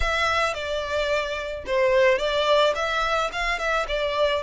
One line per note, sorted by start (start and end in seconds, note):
0.00 0.54 E5
0.54 1.64 D5
1.66 2.18 C5
2.18 2.73 D5
2.75 3.30 E5
3.32 3.58 F5
3.58 3.86 E5
3.88 4.43 D5